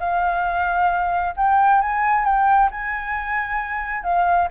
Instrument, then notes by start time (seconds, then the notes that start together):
flute
0.00 F5
1.37 G5
1.82 G#5
2.25 G5
2.71 G#5
4.04 F5